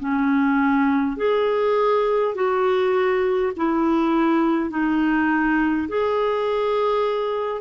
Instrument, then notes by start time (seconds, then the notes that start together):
clarinet
0.00 C#4
1.17 G#4
2.35 F#4
3.57 E4
4.71 D#4
5.89 G#4